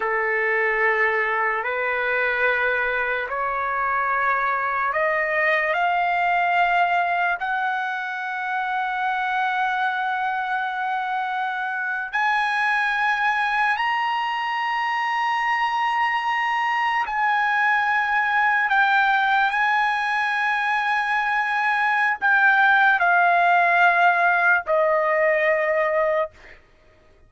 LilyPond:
\new Staff \with { instrumentName = "trumpet" } { \time 4/4 \tempo 4 = 73 a'2 b'2 | cis''2 dis''4 f''4~ | f''4 fis''2.~ | fis''2~ fis''8. gis''4~ gis''16~ |
gis''8. ais''2.~ ais''16~ | ais''8. gis''2 g''4 gis''16~ | gis''2. g''4 | f''2 dis''2 | }